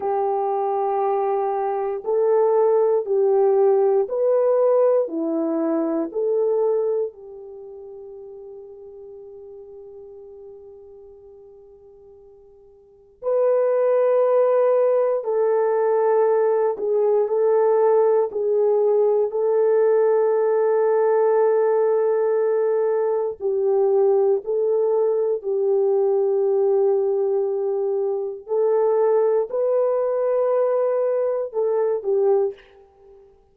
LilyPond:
\new Staff \with { instrumentName = "horn" } { \time 4/4 \tempo 4 = 59 g'2 a'4 g'4 | b'4 e'4 a'4 g'4~ | g'1~ | g'4 b'2 a'4~ |
a'8 gis'8 a'4 gis'4 a'4~ | a'2. g'4 | a'4 g'2. | a'4 b'2 a'8 g'8 | }